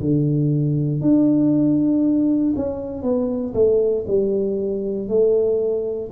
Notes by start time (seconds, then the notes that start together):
0.00 D3
1.02 D4
2.57 C#4
3.03 B3
3.54 A3
4.07 G3
5.08 A3